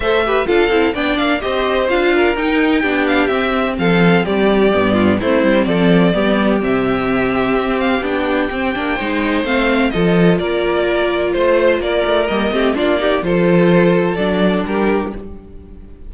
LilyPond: <<
  \new Staff \with { instrumentName = "violin" } { \time 4/4 \tempo 4 = 127 e''4 f''4 g''8 f''8 dis''4 | f''4 g''4. f''8 e''4 | f''4 d''2 c''4 | d''2 e''2~ |
e''8 f''8 g''2. | f''4 dis''4 d''2 | c''4 d''4 dis''4 d''4 | c''2 d''4 ais'4 | }
  \new Staff \with { instrumentName = "violin" } { \time 4/4 c''8 b'8 a'4 d''4 c''4~ | c''8 ais'4. g'2 | a'4 g'4. f'8 e'4 | a'4 g'2.~ |
g'2. c''4~ | c''4 a'4 ais'2 | c''4 ais'4. g'8 f'8 g'8 | a'2. g'4 | }
  \new Staff \with { instrumentName = "viola" } { \time 4/4 a'8 g'8 f'8 e'8 d'4 g'4 | f'4 dis'4 d'4 c'4~ | c'2 b4 c'4~ | c'4 b4 c'2~ |
c'4 d'4 c'8 d'8 dis'4 | c'4 f'2.~ | f'2 ais8 c'8 d'8 dis'8 | f'2 d'2 | }
  \new Staff \with { instrumentName = "cello" } { \time 4/4 a4 d'8 c'8 b8 ais8 c'4 | d'4 dis'4 b4 c'4 | f4 g4 g,4 a8 g8 | f4 g4 c2 |
c'4 b4 c'8 ais8 gis4 | a4 f4 ais2 | a4 ais8 a8 g8 a8 ais4 | f2 fis4 g4 | }
>>